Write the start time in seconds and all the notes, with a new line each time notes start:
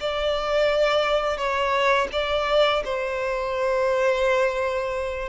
0.00 D5
1.38 C#5
2.12 D5
2.85 C5